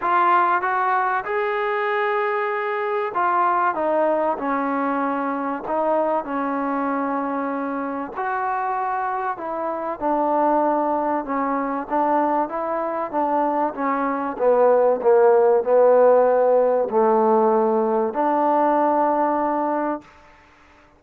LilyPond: \new Staff \with { instrumentName = "trombone" } { \time 4/4 \tempo 4 = 96 f'4 fis'4 gis'2~ | gis'4 f'4 dis'4 cis'4~ | cis'4 dis'4 cis'2~ | cis'4 fis'2 e'4 |
d'2 cis'4 d'4 | e'4 d'4 cis'4 b4 | ais4 b2 a4~ | a4 d'2. | }